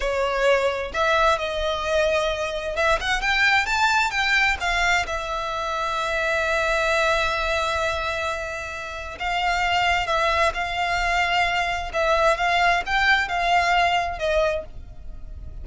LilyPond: \new Staff \with { instrumentName = "violin" } { \time 4/4 \tempo 4 = 131 cis''2 e''4 dis''4~ | dis''2 e''8 fis''8 g''4 | a''4 g''4 f''4 e''4~ | e''1~ |
e''1 | f''2 e''4 f''4~ | f''2 e''4 f''4 | g''4 f''2 dis''4 | }